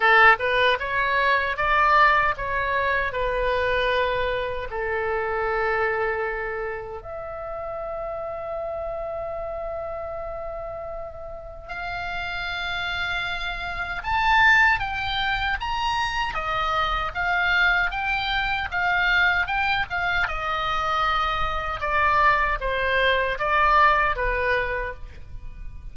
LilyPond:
\new Staff \with { instrumentName = "oboe" } { \time 4/4 \tempo 4 = 77 a'8 b'8 cis''4 d''4 cis''4 | b'2 a'2~ | a'4 e''2.~ | e''2. f''4~ |
f''2 a''4 g''4 | ais''4 dis''4 f''4 g''4 | f''4 g''8 f''8 dis''2 | d''4 c''4 d''4 b'4 | }